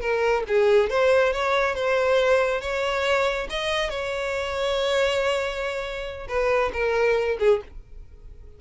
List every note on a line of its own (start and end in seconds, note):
0.00 0.43 A#4
0.48 0.89 G#4
0.89 1.32 C5
1.33 1.75 C#5
1.75 2.61 C5
2.61 3.47 C#5
3.49 3.89 D#5
3.89 6.27 C#5
6.28 6.71 B4
6.73 7.37 A#4
7.39 7.60 G#4